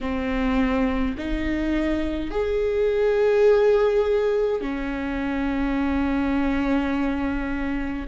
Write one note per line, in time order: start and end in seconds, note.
0.01 1.16 C4
1.17 2.31 D#4
2.31 4.61 G#4
4.61 8.07 C#4